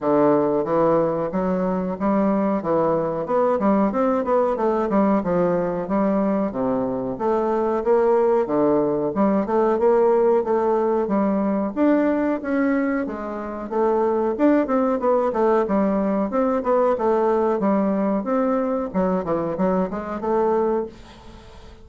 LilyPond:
\new Staff \with { instrumentName = "bassoon" } { \time 4/4 \tempo 4 = 92 d4 e4 fis4 g4 | e4 b8 g8 c'8 b8 a8 g8 | f4 g4 c4 a4 | ais4 d4 g8 a8 ais4 |
a4 g4 d'4 cis'4 | gis4 a4 d'8 c'8 b8 a8 | g4 c'8 b8 a4 g4 | c'4 fis8 e8 fis8 gis8 a4 | }